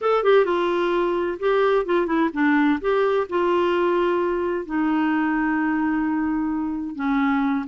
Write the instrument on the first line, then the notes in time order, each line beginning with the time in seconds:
clarinet
0.01 A4
0.23 G4
0.45 F4
1.39 G4
1.85 F4
2.06 E4
2.33 D4
2.80 G4
3.29 F4
4.65 D#4
6.95 C#4